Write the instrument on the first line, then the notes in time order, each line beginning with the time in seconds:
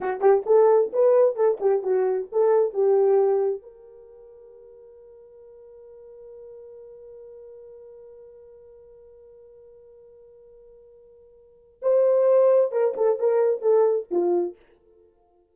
horn
0.00 F#4
0.20 G4
0.46 A4
0.92 B4
1.35 A4
1.60 G4
1.82 F#4
2.32 A4
2.73 G4
3.62 A#4
11.82 C5
12.71 A#4
12.96 A4
13.19 A#4
13.61 A4
14.10 F4